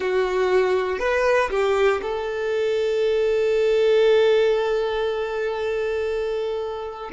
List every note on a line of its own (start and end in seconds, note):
0.00 0.99 F#4
0.99 1.50 B4
1.50 2.01 G4
2.02 7.10 A4